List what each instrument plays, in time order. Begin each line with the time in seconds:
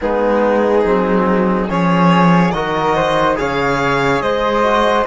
0.01 cello G#3, trombone B3, flute D#4, violin G#4
0.84 cello F#3, trombone C4
1.68 cello F3, trombone C#4, flute G#4, violin C#5
2.51 cello D#3, trombone F#4, flute A#4, violin D#5
2.95 flute C5
3.35 cello C#3, trombone G#4, flute C#5, violin F5
4.21 cello G#3, flute C5, violin D#5
4.63 trombone F#4